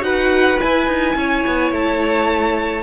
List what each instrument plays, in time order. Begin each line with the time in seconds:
0.00 cello D#4, viola F#4, violin B4 F#5
0.59 viola E4, cello E4, violin G#5
0.87 cello D#4
1.15 cello C#4, violin C#5
1.46 cello B3
1.71 cello A3, violin A5